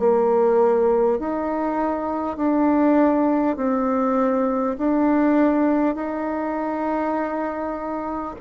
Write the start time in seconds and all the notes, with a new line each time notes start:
0.00 A#3
1.20 D#4
2.37 D4
3.57 C4
4.78 D4
5.96 D#4